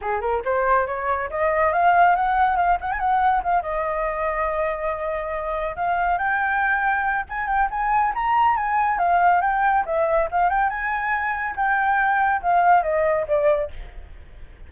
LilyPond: \new Staff \with { instrumentName = "flute" } { \time 4/4 \tempo 4 = 140 gis'8 ais'8 c''4 cis''4 dis''4 | f''4 fis''4 f''8 fis''16 gis''16 fis''4 | f''8 dis''2.~ dis''8~ | dis''4. f''4 g''4.~ |
g''4 gis''8 g''8 gis''4 ais''4 | gis''4 f''4 g''4 e''4 | f''8 g''8 gis''2 g''4~ | g''4 f''4 dis''4 d''4 | }